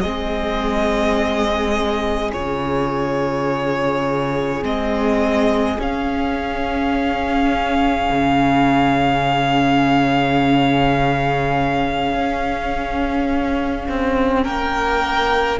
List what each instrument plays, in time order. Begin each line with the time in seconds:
0.00 cello G#3, viola C4, violin G#4 D#5
2.32 cello C#3, viola F4, violin C#5
4.62 cello G#3, viola C4, violin D#5
5.79 cello C#4, viola C#4, violin F5
8.10 cello C#3
12.14 cello C#4
13.89 cello C4
14.43 cello A#3, violin A#4 G5